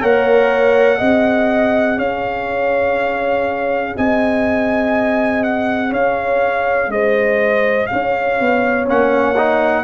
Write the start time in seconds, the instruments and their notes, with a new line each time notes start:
0.00 tuba A#3, trombone A#4, horn C#5, trumpet F#5
0.98 tuba C4, trombone G#4, horn D#5
1.98 tuba C#4, horn C#5, trumpet F5
3.97 tuba C4, horn D#5, trumpet G#5
5.44 trumpet F#5
5.90 tuba C#4, horn C#5, trumpet F5
6.87 tuba G#3, horn C5, trumpet D#5
7.87 tuba C#4, horn C#5, trumpet F5
8.40 tuba B3
8.86 tuba A#3, trombone C#4, trumpet F#5
9.37 trombone D#4